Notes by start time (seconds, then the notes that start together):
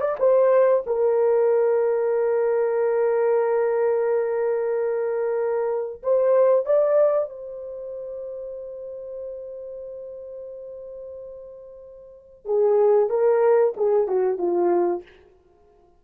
0.00 D5
0.19 C5
0.86 A#4
6.03 C5
6.65 D5
7.29 C5
12.45 G#4
13.09 A#4
13.77 G#4
14.08 F#4
14.38 F4